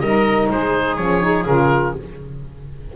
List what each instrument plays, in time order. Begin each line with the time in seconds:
0.00 double bass G3, saxophone D#4, viola A#4, oboe D#5
0.50 double bass G#3, viola G#4, oboe C5
0.97 double bass F3, saxophone C#4, oboe C#5
1.22 saxophone D#4
1.46 double bass C#3, saxophone F4, oboe A#4